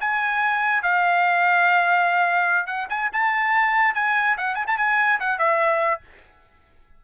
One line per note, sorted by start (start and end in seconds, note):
0.00 0.83 G#5
0.83 2.66 F5
2.66 2.87 F#5
2.89 3.10 G#5
3.13 3.95 A5
3.95 4.36 G#5
4.37 4.55 F#5
4.55 4.65 G#5
4.67 4.77 A5
4.77 5.19 G#5
5.20 5.38 F#5
5.38 6.01 E5